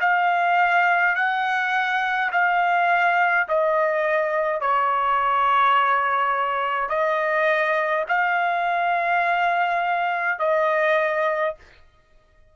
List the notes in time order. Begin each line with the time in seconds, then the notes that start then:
0.00 F5
1.15 F#5
2.31 F5
3.48 D#5
4.60 C#5
6.89 D#5
8.08 F5
10.39 D#5